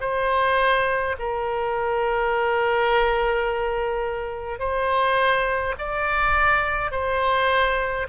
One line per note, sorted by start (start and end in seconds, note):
0.00 1.15 C5
1.19 4.59 A#4
4.59 5.74 C5
5.78 6.91 D5
6.91 8.06 C5